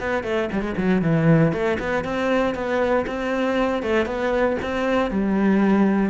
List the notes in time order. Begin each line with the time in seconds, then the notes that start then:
0.00 B3
0.24 A3
0.52 G3
0.62 G#3
0.78 F#3
1.02 E3
1.53 A3
1.80 B3
2.05 C4
2.55 B3
3.07 C4
3.83 A3
4.06 B3
4.62 C4
5.11 G3